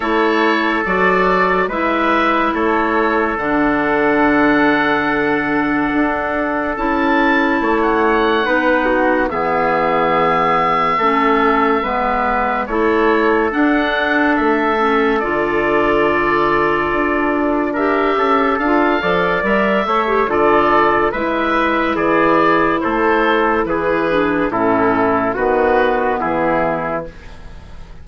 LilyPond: <<
  \new Staff \with { instrumentName = "oboe" } { \time 4/4 \tempo 4 = 71 cis''4 d''4 e''4 cis''4 | fis''1 | a''4~ a''16 fis''4.~ fis''16 e''4~ | e''2. cis''4 |
fis''4 e''4 d''2~ | d''4 e''4 f''4 e''4 | d''4 e''4 d''4 c''4 | b'4 a'4 b'4 gis'4 | }
  \new Staff \with { instrumentName = "trumpet" } { \time 4/4 a'2 b'4 a'4~ | a'1~ | a'4 cis''4 b'8 fis'8 gis'4~ | gis'4 a'4 b'4 a'4~ |
a'1~ | a'4 ais'8 a'4 d''4 cis''8 | a'4 b'4 gis'4 a'4 | gis'4 e'4 fis'4 e'4 | }
  \new Staff \with { instrumentName = "clarinet" } { \time 4/4 e'4 fis'4 e'2 | d'1 | e'2 dis'4 b4~ | b4 cis'4 b4 e'4 |
d'4. cis'8 f'2~ | f'4 g'4 f'8 a'8 ais'8 a'16 g'16 | f'4 e'2.~ | e'8 d'8 cis'4 b2 | }
  \new Staff \with { instrumentName = "bassoon" } { \time 4/4 a4 fis4 gis4 a4 | d2. d'4 | cis'4 a4 b4 e4~ | e4 a4 gis4 a4 |
d'4 a4 d2 | d'4. cis'8 d'8 f8 g8 a8 | d4 gis4 e4 a4 | e4 a,4 dis4 e4 | }
>>